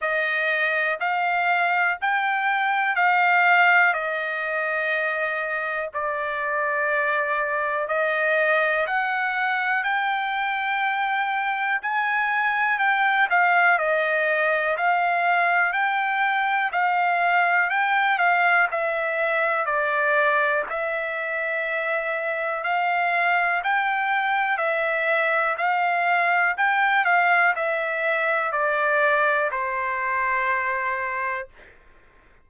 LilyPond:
\new Staff \with { instrumentName = "trumpet" } { \time 4/4 \tempo 4 = 61 dis''4 f''4 g''4 f''4 | dis''2 d''2 | dis''4 fis''4 g''2 | gis''4 g''8 f''8 dis''4 f''4 |
g''4 f''4 g''8 f''8 e''4 | d''4 e''2 f''4 | g''4 e''4 f''4 g''8 f''8 | e''4 d''4 c''2 | }